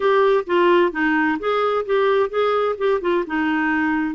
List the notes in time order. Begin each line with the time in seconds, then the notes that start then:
0.00 G4
0.46 F4
0.91 D#4
1.39 G#4
1.85 G4
2.29 G#4
2.78 G4
3.01 F4
3.26 D#4